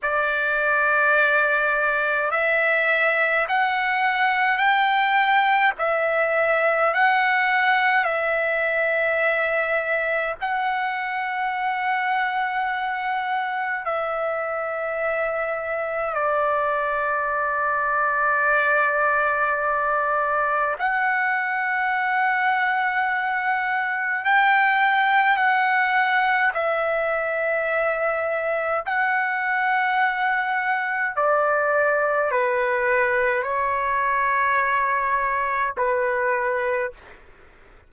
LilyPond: \new Staff \with { instrumentName = "trumpet" } { \time 4/4 \tempo 4 = 52 d''2 e''4 fis''4 | g''4 e''4 fis''4 e''4~ | e''4 fis''2. | e''2 d''2~ |
d''2 fis''2~ | fis''4 g''4 fis''4 e''4~ | e''4 fis''2 d''4 | b'4 cis''2 b'4 | }